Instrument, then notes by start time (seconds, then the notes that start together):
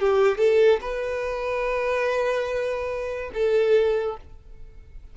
violin
0.00 G4
0.38 A4
0.81 B4
3.34 A4